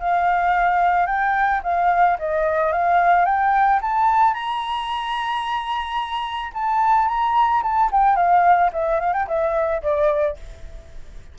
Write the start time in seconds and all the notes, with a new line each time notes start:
0.00 F5
1.06 G5
1.63 F5
2.19 D#5
2.72 F5
3.26 G5
3.82 A5
4.34 A#5
6.54 A5
7.08 A#5
7.63 A5
7.92 G5
8.16 F5
8.73 E5
9.00 F5
9.13 G5
9.28 E5
9.82 D5